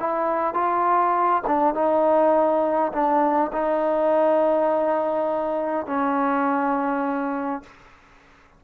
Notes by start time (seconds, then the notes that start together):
0.00 E4
0.55 F4
1.47 D4
1.75 D#4
2.93 D4
3.53 D#4
5.87 C#4